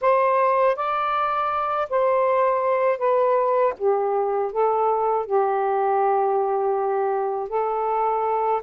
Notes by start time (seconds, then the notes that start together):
0.01 C5
0.75 D5
1.89 C5
2.98 B4
3.77 G4
4.51 A4
5.25 G4
7.49 A4